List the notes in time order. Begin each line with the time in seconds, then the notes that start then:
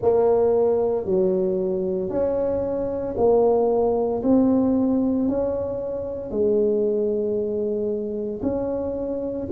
0.01 A#3
1.05 F#3
2.09 C#4
3.17 A#3
4.22 C4
5.28 C#4
6.30 G#3
8.42 C#4